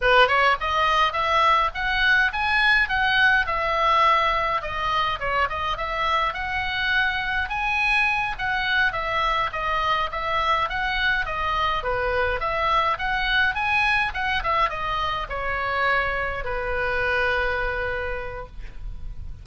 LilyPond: \new Staff \with { instrumentName = "oboe" } { \time 4/4 \tempo 4 = 104 b'8 cis''8 dis''4 e''4 fis''4 | gis''4 fis''4 e''2 | dis''4 cis''8 dis''8 e''4 fis''4~ | fis''4 gis''4. fis''4 e''8~ |
e''8 dis''4 e''4 fis''4 dis''8~ | dis''8 b'4 e''4 fis''4 gis''8~ | gis''8 fis''8 e''8 dis''4 cis''4.~ | cis''8 b'2.~ b'8 | }